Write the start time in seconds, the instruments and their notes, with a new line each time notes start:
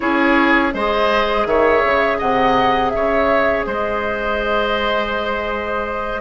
0.00 bassoon C#4, clarinet E4, oboe G#4, flute C#5
0.71 bassoon G#3, clarinet G#4, oboe C5, flute D#5
1.46 bassoon D#3, oboe C#5, flute E5
1.84 bassoon C#3
2.18 bassoon C3, oboe D#5, flute F#5
2.90 bassoon C#3, oboe C#5, flute E5
3.66 bassoon G#3, oboe C5, flute D#5